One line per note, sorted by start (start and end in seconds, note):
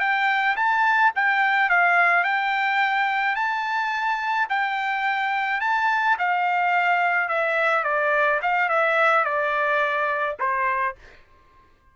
0.00 0.56 G5
0.57 1.13 A5
1.15 1.70 G5
1.70 2.24 F5
2.24 3.35 G5
3.35 4.48 A5
4.50 5.61 G5
5.61 6.17 A5
6.19 7.29 F5
7.29 7.84 E5
7.84 8.40 D5
8.42 8.69 F5
8.69 9.25 E5
9.25 10.37 D5
10.39 10.95 C5